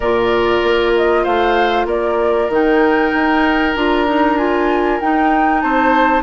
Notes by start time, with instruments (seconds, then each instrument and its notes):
0.00 bassoon A#2, clarinet F4, oboe A#4, flute D5
0.63 bassoon A#3
0.96 flute D#5
1.23 bassoon A3, oboe C5, flute F5
1.85 bassoon A#3, oboe A#4, flute D5
2.48 bassoon D#3, clarinet D#4, flute G5
3.14 bassoon D#4
3.75 bassoon D4, clarinet F4, flute A#5
4.07 clarinet D#4
4.37 clarinet F4, flute G#5
5.00 bassoon D#4, clarinet D#4, flute G5
5.60 bassoon C4, oboe C5, flute A5